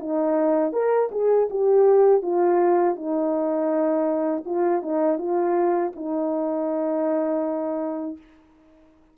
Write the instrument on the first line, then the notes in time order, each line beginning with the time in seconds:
horn
0.00 D#4
0.73 A#4
1.12 G#4
1.51 G4
2.23 F4
2.96 D#4
4.46 F4
4.82 D#4
5.19 F4
5.96 D#4